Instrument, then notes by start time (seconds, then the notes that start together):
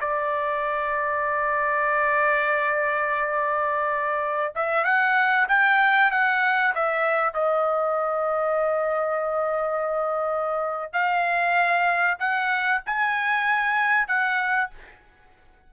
trumpet
0.00 D5
4.55 E5
4.84 F#5
5.48 G5
6.11 F#5
6.74 E5
7.33 D#5
10.92 F5
12.19 F#5
12.86 G#5
14.07 F#5